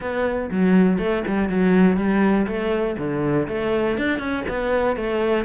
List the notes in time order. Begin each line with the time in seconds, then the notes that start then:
0.00 B3
0.50 F#3
0.98 A3
1.27 G3
1.49 F#3
1.97 G3
2.47 A3
2.98 D3
3.48 A3
3.97 D4
4.19 C#4
4.48 B3
4.96 A3